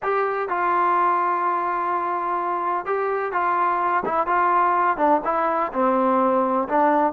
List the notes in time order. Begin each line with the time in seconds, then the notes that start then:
0.02 G4
0.48 F4
2.85 G4
3.32 F4
4.05 E4
4.26 F4
4.97 D4
5.24 E4
5.72 C4
6.68 D4